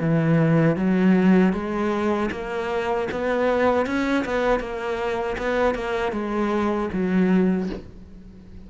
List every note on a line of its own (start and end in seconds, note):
0.00 0.76 E3
0.76 1.52 F#3
1.52 2.29 G#3
2.31 3.08 A#3
3.11 3.86 B3
3.86 4.24 C#4
4.24 4.59 B3
4.59 5.36 A#3
5.37 5.74 B3
5.74 6.12 A#3
6.12 6.89 G#3
6.92 7.69 F#3